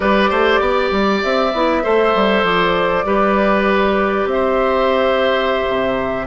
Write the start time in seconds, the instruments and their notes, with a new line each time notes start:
0.00 bassoon G3, clarinet G4, oboe B4, flute D5
0.29 bassoon A3, oboe C5
0.60 bassoon B3, oboe D5
0.91 bassoon G3
1.23 bassoon C4, flute E5
1.53 bassoon B3, clarinet E4
1.82 bassoon A3, clarinet A4, oboe C5
2.14 bassoon G3
2.43 bassoon F3, flute D5
3.04 bassoon G3, clarinet G4, oboe B4
4.25 bassoon C4, flute E5
4.33 oboe C5
5.68 bassoon C3